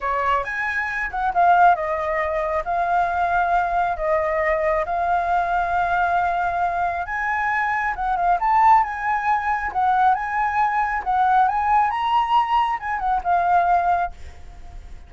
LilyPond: \new Staff \with { instrumentName = "flute" } { \time 4/4 \tempo 4 = 136 cis''4 gis''4. fis''8 f''4 | dis''2 f''2~ | f''4 dis''2 f''4~ | f''1 |
gis''2 fis''8 f''8 a''4 | gis''2 fis''4 gis''4~ | gis''4 fis''4 gis''4 ais''4~ | ais''4 gis''8 fis''8 f''2 | }